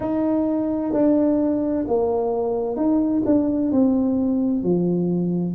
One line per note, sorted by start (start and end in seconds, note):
0.00 0.92 D#4
0.92 1.85 D4
1.87 2.76 A#3
2.76 3.22 D#4
3.26 3.71 D4
3.71 4.63 C4
4.63 5.54 F3